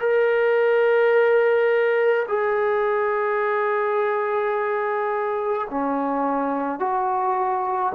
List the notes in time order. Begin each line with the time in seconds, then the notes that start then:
0.00 A#4
2.28 G#4
5.71 C#4
6.79 F#4